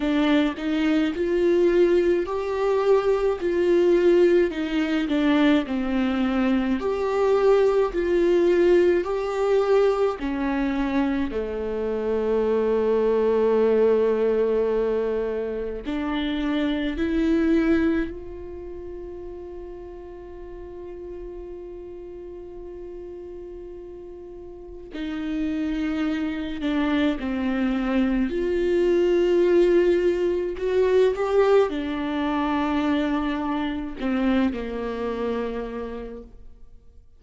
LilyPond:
\new Staff \with { instrumentName = "viola" } { \time 4/4 \tempo 4 = 53 d'8 dis'8 f'4 g'4 f'4 | dis'8 d'8 c'4 g'4 f'4 | g'4 cis'4 a2~ | a2 d'4 e'4 |
f'1~ | f'2 dis'4. d'8 | c'4 f'2 fis'8 g'8 | d'2 c'8 ais4. | }